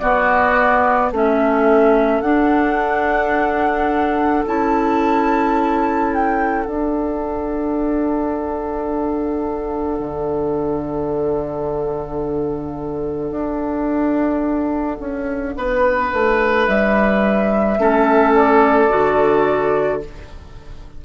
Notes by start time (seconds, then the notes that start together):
0.00 B3 F#4 D5
1.11 A3 C#4 A4 E5
2.22 D4 F#5
4.47 C#4 E4 A5
6.14 G5
6.66 D4 F#5
10.00 D3
13.31 D4
15.00 C#4
15.57 B3 B4
16.13 A3
16.68 G3 E5
17.78 A3 C#4 A4
18.35 D5
18.89 D3 F#4